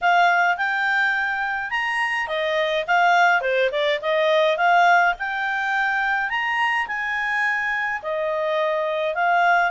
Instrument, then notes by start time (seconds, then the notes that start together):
clarinet
0.01 F5
0.57 G5
1.70 A#5
2.27 D#5
2.87 F5
3.41 C5
3.71 D5
4.01 D#5
4.57 F5
5.18 G5
6.29 A#5
6.87 G#5
8.02 D#5
9.14 F5